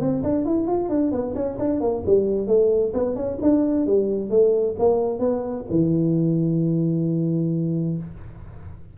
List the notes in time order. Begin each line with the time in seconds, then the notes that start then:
0.00 C4
0.23 D4
0.45 E4
0.67 F4
0.89 D4
1.11 B3
1.35 C#4
1.59 D4
1.80 A#3
2.06 G3
2.47 A3
2.93 B3
3.15 C#4
3.42 D4
3.86 G3
4.30 A3
4.78 A#3
5.19 B3
5.70 E3